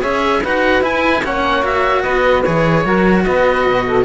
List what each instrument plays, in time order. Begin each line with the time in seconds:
0.00 cello C#4 G#4, saxophone C#5, oboe E5
0.42 cello D#4 F#4, saxophone B4, oboe F#5
0.82 cello E4, oboe G#5
1.23 cello A#3 C#4, saxophone C#5, oboe F#5
1.62 cello F#4, oboe E5
2.02 cello B3, saxophone B4, oboe D#5
2.43 cello E3 G#4, oboe C#5
2.85 cello F#3 F#4, saxophone A#4
3.24 cello B3, saxophone B4, oboe D#5
3.67 cello B2
3.86 saxophone A4